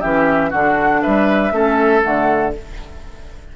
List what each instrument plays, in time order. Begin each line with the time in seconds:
0.00 bassoon E3, clarinet C#4, oboe G4, flute E5
0.50 bassoon D3, clarinet D4, oboe F#4, flute F#5
1.01 bassoon G3, oboe B4, flute E5
1.51 bassoon A3, clarinet C#4, oboe A4
2.01 bassoon D3, clarinet A3, flute F#5